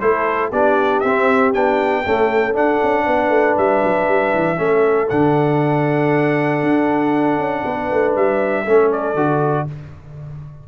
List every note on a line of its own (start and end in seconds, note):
0.00 0.52 A3
0.00 0.52 E4
0.00 0.51 A4
0.00 0.51 C5
0.51 1.03 B3
0.51 1.05 D4
0.51 2.04 G4
0.51 1.00 D5
1.00 1.55 C4
1.00 1.54 C4
1.00 1.51 E5
1.54 2.06 B3
1.54 2.05 D4
1.54 2.56 G5
2.04 2.54 A3
2.04 2.56 C#4
2.04 3.06 A4
2.54 4.57 D4
2.54 2.81 D4
2.54 3.58 F#5
2.83 3.07 C#4
3.06 3.30 B3
3.06 4.59 B4
3.30 3.55 A3
3.58 3.83 G3
3.58 5.10 E5
3.84 4.08 F#3
4.08 4.34 G3
4.34 4.59 E3
4.57 5.10 A3
4.57 5.07 C#4
4.57 7.64 A4
5.10 6.63 D3
5.10 8.66 D4
5.10 8.15 F#5
6.63 7.39 D4
7.39 7.64 C#4
7.65 7.91 B3
7.65 8.64 B4
7.92 8.16 A3
8.16 8.67 G3
8.16 8.92 E5
8.64 9.15 A3
8.64 9.17 C#4
8.64 9.66 A4
8.92 9.68 D5
9.15 9.66 D3
9.15 9.67 F#4